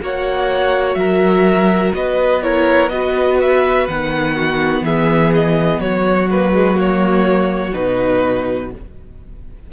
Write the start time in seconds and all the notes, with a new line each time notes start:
0.00 A#3 F#4 C#5 F#5
0.95 F#3 A#4 E5
1.95 B3 B4 D#5
2.43 E4 A#4 C#5
2.89 F#4 B4 D#5
3.41 E5
3.88 D#3 B3 F#5
4.35 F#4
4.82 E3 G#4 E5
5.35 D#5
5.80 F#3 F#4 C#5
6.31 A#3 B4
6.54 G#3
6.75 A#3 C#5
7.74 B2 D#4 B4